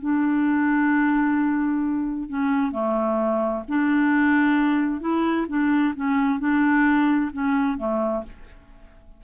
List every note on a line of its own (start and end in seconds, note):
0.00 2.29 D4
2.29 2.72 C#4
2.72 3.63 A3
3.68 5.01 D4
5.01 5.46 E4
5.48 5.94 D4
5.95 6.40 C#4
6.40 7.31 D4
7.32 7.78 C#4
7.78 8.23 A3